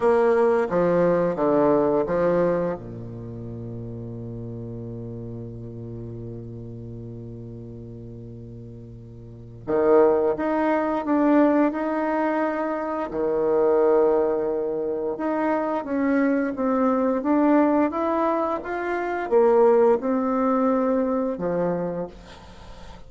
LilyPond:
\new Staff \with { instrumentName = "bassoon" } { \time 4/4 \tempo 4 = 87 ais4 f4 d4 f4 | ais,1~ | ais,1~ | ais,2 dis4 dis'4 |
d'4 dis'2 dis4~ | dis2 dis'4 cis'4 | c'4 d'4 e'4 f'4 | ais4 c'2 f4 | }